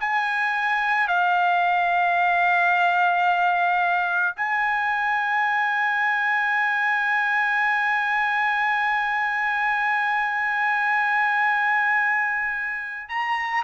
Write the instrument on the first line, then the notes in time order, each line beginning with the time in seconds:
trumpet
0.00 G#5
1.08 F5
4.36 G#5
13.09 A#5